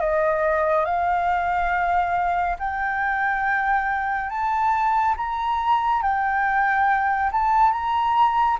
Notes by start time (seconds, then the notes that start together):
0.00 D#5
0.85 F5
2.59 G5
4.30 A5
5.17 A#5
6.02 G5
7.32 A5
7.72 A#5